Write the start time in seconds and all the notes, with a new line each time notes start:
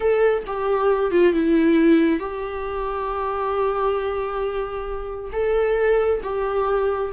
0.00 A4
0.46 G4
1.11 F4
1.33 E4
2.19 G4
5.32 A4
6.23 G4